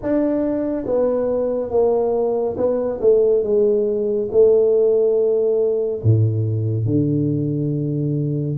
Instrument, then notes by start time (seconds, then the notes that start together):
tuba
0.02 D4
0.86 B3
1.70 A#3
2.57 B3
3.00 A3
3.43 G#3
4.31 A3
6.03 A2
6.85 D3